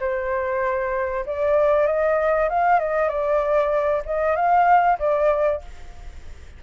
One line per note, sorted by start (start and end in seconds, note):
0.00 1.25 C5
1.26 1.87 D5
1.87 2.49 D#5
2.49 2.80 F5
2.80 3.09 D#5
3.09 4.03 D5
4.06 4.36 D#5
4.36 4.99 F5
4.99 5.62 D5